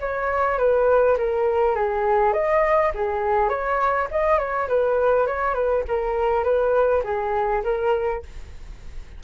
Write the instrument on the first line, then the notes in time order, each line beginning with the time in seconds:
flute
0.00 C#5
0.58 B4
1.18 A#4
1.75 G#4
2.33 D#5
2.95 G#4
3.49 C#5
4.11 D#5
4.38 C#5
4.68 B4
5.26 C#5
5.54 B4
5.88 A#4
6.44 B4
7.04 G#4
7.64 A#4